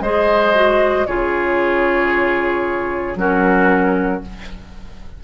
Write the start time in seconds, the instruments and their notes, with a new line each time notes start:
0.00 bassoon G#3, clarinet G#4, oboe C5, flute D#5
0.54 clarinet F#4
1.06 bassoon C#3, clarinet F4, oboe G#4, flute C#5
3.15 bassoon F#3, clarinet C#4, oboe F#4, flute A#4